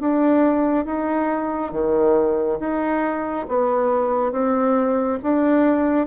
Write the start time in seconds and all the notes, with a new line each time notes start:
0.00 D4
0.85 D#4
1.72 D#3
2.60 D#4
3.49 B3
4.32 C4
5.23 D4